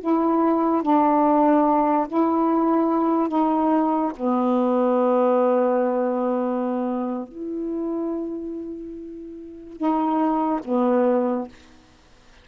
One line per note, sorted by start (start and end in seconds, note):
0.00 0.82 E4
0.82 2.07 D4
2.08 3.28 E4
3.28 4.11 D#4
4.16 7.28 B3
7.28 9.76 E4
9.76 10.59 D#4
10.64 11.47 B3